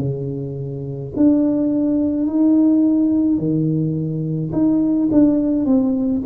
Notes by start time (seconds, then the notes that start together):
0.00 C#3
1.17 D4
2.27 D#4
3.38 D#3
4.53 D#4
5.12 D4
5.66 C4